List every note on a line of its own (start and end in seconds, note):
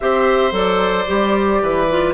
0.00 0.51 C4
0.00 0.51 G4
0.00 1.62 C5
0.00 0.53 E5
0.51 1.05 F#3
0.51 1.05 A4
0.51 2.13 D5
1.07 1.61 G3
1.07 1.87 G4
1.61 2.13 E3
1.61 2.13 B4
1.89 2.13 F4